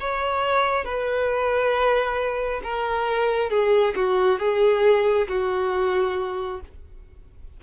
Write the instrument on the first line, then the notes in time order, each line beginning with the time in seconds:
violin
0.00 C#5
0.85 B4
2.64 A#4
3.51 G#4
3.95 F#4
4.40 G#4
5.28 F#4